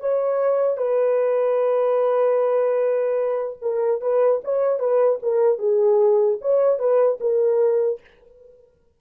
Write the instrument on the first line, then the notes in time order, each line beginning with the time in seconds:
horn
0.00 C#5
0.77 B4
3.62 A#4
4.01 B4
4.44 C#5
4.79 B4
5.22 A#4
5.58 G#4
6.41 C#5
6.79 B4
7.20 A#4